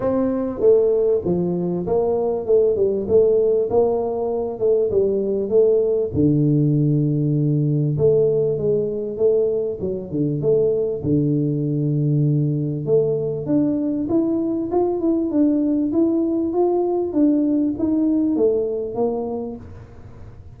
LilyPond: \new Staff \with { instrumentName = "tuba" } { \time 4/4 \tempo 4 = 98 c'4 a4 f4 ais4 | a8 g8 a4 ais4. a8 | g4 a4 d2~ | d4 a4 gis4 a4 |
fis8 d8 a4 d2~ | d4 a4 d'4 e'4 | f'8 e'8 d'4 e'4 f'4 | d'4 dis'4 a4 ais4 | }